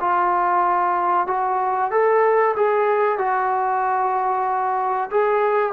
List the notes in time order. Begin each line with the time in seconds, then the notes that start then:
0.00 F4
1.27 F#4
1.91 A4
2.56 G#4
3.18 F#4
5.10 G#4